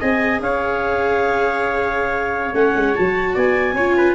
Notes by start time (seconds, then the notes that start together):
0.00 C4 G#4 D#5 G#5
0.40 C#4 C#5 F5
2.54 A3 C#4 F#5
2.76 G#3
2.95 F#3 F#4 A5
3.34 B3 D5 G#5
3.74 C#4 F4 C#5
3.97 B4